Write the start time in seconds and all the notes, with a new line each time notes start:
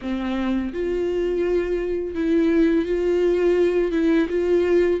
0.01 C4
0.73 F4
2.15 E4
2.85 F4
3.91 E4
4.29 F4